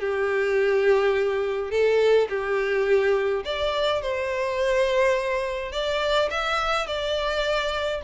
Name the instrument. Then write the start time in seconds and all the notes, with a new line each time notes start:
violin
0.00 G4
1.71 A4
2.29 G4
3.45 D5
4.02 C5
5.72 D5
6.30 E5
6.87 D5